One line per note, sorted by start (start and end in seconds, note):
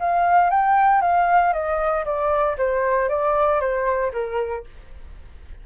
0.00 0.50 F5
0.50 1.01 G5
1.01 1.53 F5
1.53 2.05 D#5
2.05 2.57 D5
2.58 3.09 C5
3.09 3.60 D5
3.60 4.12 C5
4.13 4.65 A#4